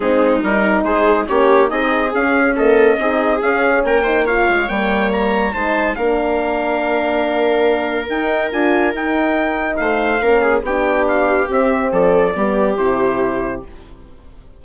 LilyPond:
<<
  \new Staff \with { instrumentName = "trumpet" } { \time 4/4 \tempo 4 = 141 gis'4 ais'4 c''4 cis''4 | dis''4 f''4 dis''2 | f''4 g''4 f''4 g''4 | ais''4 a''4 f''2~ |
f''2. g''4 | gis''4 g''2 f''4~ | f''4 g''4 f''4 e''4 | d''2 c''2 | }
  \new Staff \with { instrumentName = "viola" } { \time 4/4 dis'2 gis'4 g'4 | gis'2 a'4 gis'4~ | gis'4 ais'8 c''8 cis''2~ | cis''4 c''4 ais'2~ |
ais'1~ | ais'2. c''4 | ais'8 gis'8 g'2. | a'4 g'2. | }
  \new Staff \with { instrumentName = "horn" } { \time 4/4 c'4 dis'2 cis'4 | dis'4 cis'4 ais4 dis'4 | cis'4. dis'8 f'4 ais4~ | ais4 dis'4 d'2~ |
d'2. dis'4 | f'4 dis'2. | cis'4 d'2 c'4~ | c'4 b4 e'2 | }
  \new Staff \with { instrumentName = "bassoon" } { \time 4/4 gis4 g4 gis4 ais4 | c'4 cis'2 c'4 | cis'4 ais4. gis8 g4~ | g4 gis4 ais2~ |
ais2. dis'4 | d'4 dis'2 a4 | ais4 b2 c'4 | f4 g4 c2 | }
>>